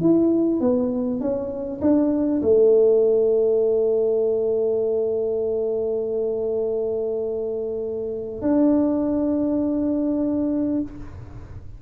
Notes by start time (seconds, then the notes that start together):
0.00 E4
0.60 B3
1.20 C#4
1.81 D4
2.41 A3
8.41 D4